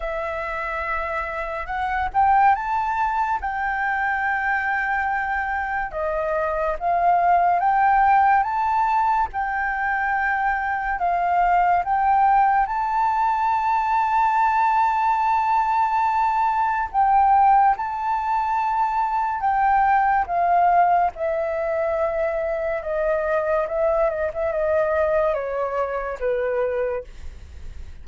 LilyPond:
\new Staff \with { instrumentName = "flute" } { \time 4/4 \tempo 4 = 71 e''2 fis''8 g''8 a''4 | g''2. dis''4 | f''4 g''4 a''4 g''4~ | g''4 f''4 g''4 a''4~ |
a''1 | g''4 a''2 g''4 | f''4 e''2 dis''4 | e''8 dis''16 e''16 dis''4 cis''4 b'4 | }